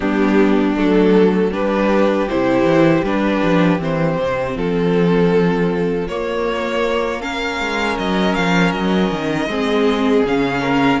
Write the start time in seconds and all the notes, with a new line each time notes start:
0.00 G3 B3 D4 G4
0.75 F#3 A3 A4
1.51 G3 D4 G4 B4
2.28 C3 E4 C5
2.63 E3
3.03 G3 D4 B4
3.43 F3
3.78 E3 C4 C5
4.19 C3
4.55 F3 F4 A4
6.08 A#3 C#5
7.21 C#4 A#4 F5
7.59 G#3
7.98 F#3 D#5
8.34 F3 F5
8.72 F#3 D#5
9.11 D#3
9.47 G#3 C4 G#4
10.24 C#3 C#4 F5
10.61 A#4